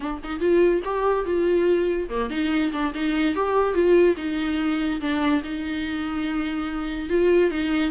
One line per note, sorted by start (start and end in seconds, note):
0.00 0.20 D4
0.23 0.40 D#4
0.40 0.81 F4
0.84 1.25 G4
1.25 2.08 F4
2.09 2.30 A#3
2.30 2.71 D#4
2.72 2.93 D4
2.94 3.35 D#4
3.35 3.73 G4
3.73 4.15 F4
4.17 5.00 D#4
5.00 5.42 D4
5.43 7.09 D#4
7.09 7.50 F4
7.50 7.91 D#4